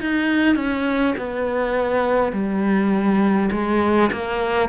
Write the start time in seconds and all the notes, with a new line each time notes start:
0.00 D#4
0.56 C#4
1.18 B3
2.32 G3
3.51 G#3
4.12 A#3